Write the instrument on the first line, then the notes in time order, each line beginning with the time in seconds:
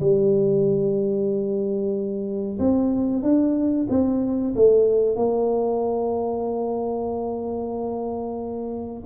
tuba
0.00 G3
2.59 C4
3.22 D4
3.89 C4
4.55 A3
5.16 A#3